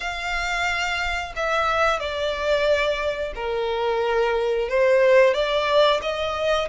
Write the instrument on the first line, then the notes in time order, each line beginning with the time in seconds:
violin
0.00 F5
1.36 E5
1.99 D5
3.35 A#4
4.68 C5
5.33 D5
6.02 D#5